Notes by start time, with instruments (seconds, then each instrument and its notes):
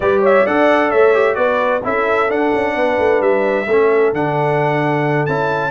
0.00 tuba G3, trombone G4, horn B4, trumpet D5
0.21 horn C#5, trumpet E5
0.43 tuba D4, trombone A4, horn D5, trumpet F#5
0.89 tuba A3, horn C#5, trumpet E5
1.14 trombone G4
1.34 tuba B3, trombone F#4, horn B4, trumpet D5
1.83 tuba C#4, trombone E4, horn A4, trumpet E5
2.28 trombone D4, tuba D4, trumpet F#5
2.54 tuba C#4
2.74 tuba B3, horn B4
2.98 tuba A3
3.20 tuba G3, trumpet E5
3.66 tuba A3, trombone C#4, horn A4
4.12 tuba D3, trombone D4, trumpet F#5
5.26 tuba C#4, trombone E4, trumpet A5